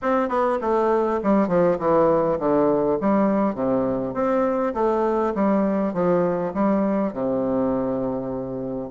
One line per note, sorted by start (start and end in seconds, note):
0.01 0.28 C4
0.28 0.58 B3
0.61 1.20 A3
1.23 1.47 G3
1.47 1.77 F3
1.78 2.38 E3
2.39 2.98 D3
3.01 3.55 G3
3.55 4.14 C3
4.14 4.73 C4
4.74 5.33 A3
5.34 5.93 G3
5.93 6.52 F3
6.53 7.13 G3
7.13 8.90 C3